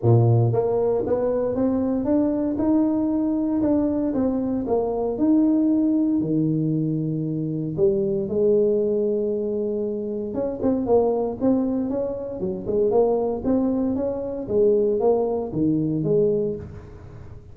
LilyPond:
\new Staff \with { instrumentName = "tuba" } { \time 4/4 \tempo 4 = 116 ais,4 ais4 b4 c'4 | d'4 dis'2 d'4 | c'4 ais4 dis'2 | dis2. g4 |
gis1 | cis'8 c'8 ais4 c'4 cis'4 | fis8 gis8 ais4 c'4 cis'4 | gis4 ais4 dis4 gis4 | }